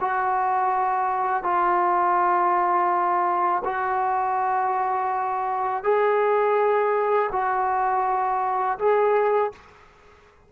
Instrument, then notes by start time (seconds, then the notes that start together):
trombone
0.00 F#4
1.43 F4
3.64 F#4
5.83 G#4
7.32 F#4
8.78 G#4